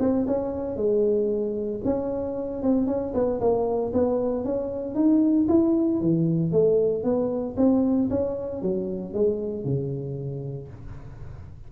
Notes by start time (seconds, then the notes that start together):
0.00 C4
0.27 C#4
0.77 G#3
1.85 C#4
2.63 C4
2.87 C#4
3.14 B3
3.41 A#3
3.93 B3
4.45 C#4
4.95 D#4
5.49 E4
6.01 E3
6.52 A3
7.04 B3
7.57 C4
8.10 C#4
8.62 F#3
9.14 G#3
9.65 C#3